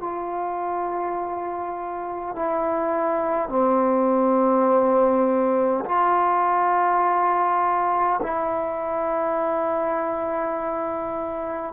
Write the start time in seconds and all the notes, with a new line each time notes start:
0.00 F4
2.35 E4
3.49 C4
5.85 F4
8.22 E4